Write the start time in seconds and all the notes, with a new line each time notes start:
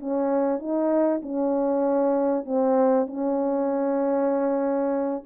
0.00 C#4
0.60 D#4
1.23 C#4
2.45 C4
3.07 C#4